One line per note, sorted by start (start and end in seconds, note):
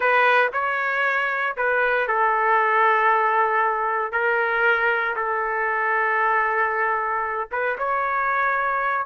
0.00 0.50 B4
0.52 1.56 C#5
1.56 2.07 B4
2.07 4.11 A4
4.11 5.15 A#4
5.15 7.48 A4
7.51 7.77 B4
7.78 9.06 C#5